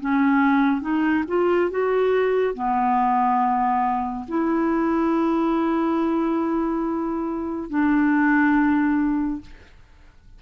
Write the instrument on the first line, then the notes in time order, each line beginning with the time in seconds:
clarinet
0.00 C#4
0.81 D#4
1.27 F4
1.70 F#4
2.54 B3
4.28 E4
7.70 D4